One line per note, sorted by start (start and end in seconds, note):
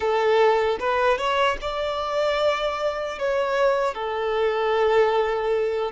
0.00 0.78 A4
0.79 1.17 B4
1.17 1.57 C#5
1.61 3.19 D5
3.19 3.94 C#5
3.94 5.91 A4